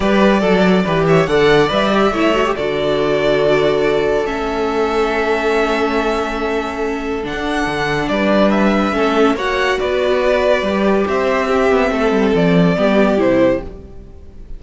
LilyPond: <<
  \new Staff \with { instrumentName = "violin" } { \time 4/4 \tempo 4 = 141 d''2~ d''8 e''8 fis''4 | e''2 d''2~ | d''2 e''2~ | e''1~ |
e''4 fis''2 d''4 | e''2 fis''4 d''4~ | d''2 e''2~ | e''4 d''2 c''4 | }
  \new Staff \with { instrumentName = "violin" } { \time 4/4 b'4 a'4 b'8 cis''8 d''4~ | d''4 cis''4 a'2~ | a'1~ | a'1~ |
a'2. b'4~ | b'4 a'4 cis''4 b'4~ | b'2 c''4 g'4 | a'2 g'2 | }
  \new Staff \with { instrumentName = "viola" } { \time 4/4 g'4 a'4 g'4 a'4 | b'8 g'8 e'8 fis'16 g'16 fis'2~ | fis'2 cis'2~ | cis'1~ |
cis'4 d'2.~ | d'4 cis'4 fis'2~ | fis'4 g'2 c'4~ | c'2 b4 e'4 | }
  \new Staff \with { instrumentName = "cello" } { \time 4/4 g4 fis4 e4 d4 | g4 a4 d2~ | d2 a2~ | a1~ |
a4 d16 d'8. d4 g4~ | g4 a4 ais4 b4~ | b4 g4 c'4. b8 | a8 g8 f4 g4 c4 | }
>>